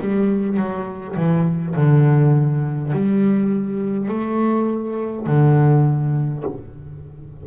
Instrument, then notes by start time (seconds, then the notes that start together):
double bass
0.00 G3
0.57 F#3
1.16 E3
1.75 D3
2.92 G3
4.09 A3
5.26 D3